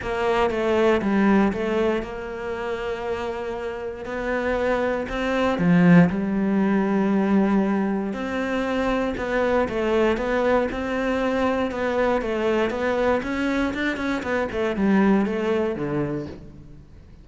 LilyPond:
\new Staff \with { instrumentName = "cello" } { \time 4/4 \tempo 4 = 118 ais4 a4 g4 a4 | ais1 | b2 c'4 f4 | g1 |
c'2 b4 a4 | b4 c'2 b4 | a4 b4 cis'4 d'8 cis'8 | b8 a8 g4 a4 d4 | }